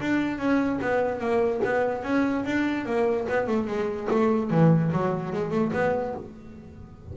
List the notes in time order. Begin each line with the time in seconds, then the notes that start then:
0.00 D4
0.38 C#4
0.81 B3
1.20 A#3
1.64 B3
2.03 C#4
2.45 D4
2.85 A#3
3.29 B3
3.47 A3
3.67 G#3
4.10 A3
4.50 E3
4.92 F#3
5.33 G#3
5.51 A3
5.73 B3